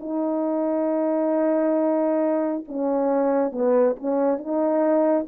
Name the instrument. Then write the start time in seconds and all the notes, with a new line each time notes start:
horn
0.00 D#4
2.68 C#4
3.52 B3
3.96 C#4
4.38 D#4